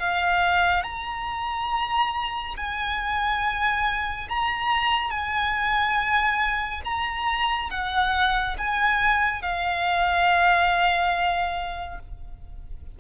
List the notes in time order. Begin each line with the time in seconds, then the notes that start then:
0.00 F5
0.83 A#5
2.57 G#5
4.29 A#5
5.11 G#5
6.85 A#5
7.71 F#5
8.58 G#5
9.42 F5